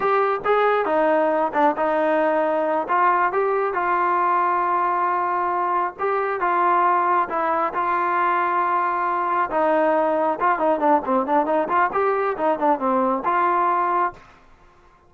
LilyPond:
\new Staff \with { instrumentName = "trombone" } { \time 4/4 \tempo 4 = 136 g'4 gis'4 dis'4. d'8 | dis'2~ dis'8 f'4 g'8~ | g'8 f'2.~ f'8~ | f'4. g'4 f'4.~ |
f'8 e'4 f'2~ f'8~ | f'4. dis'2 f'8 | dis'8 d'8 c'8 d'8 dis'8 f'8 g'4 | dis'8 d'8 c'4 f'2 | }